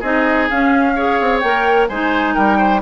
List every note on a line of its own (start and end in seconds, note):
0.00 0.49 C4
0.00 0.50 D#4
0.00 0.93 G#4
0.00 0.49 D#5
0.50 0.96 C#4
0.50 1.21 C#4
0.50 1.40 F5
0.96 1.43 G#4
0.96 1.89 C#5
1.21 1.43 C4
1.40 1.89 A#3
1.40 1.91 A#4
1.40 1.86 G5
1.89 2.36 G#3
1.89 2.82 D#4
1.89 2.35 C5
1.89 2.35 G#5
2.35 2.82 G3
2.35 2.58 A#4
2.35 2.81 G5
2.58 2.81 C5